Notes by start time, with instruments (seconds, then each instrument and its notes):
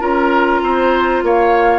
0.00 bassoon C#4, clarinet F4, oboe A#4, flute A#5
0.62 bassoon C4, oboe C5
1.23 bassoon A#3, oboe C#5, flute F5